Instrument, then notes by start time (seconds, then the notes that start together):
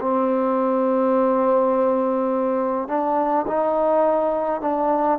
trombone
0.00 C4
2.88 D4
3.47 D#4
4.61 D4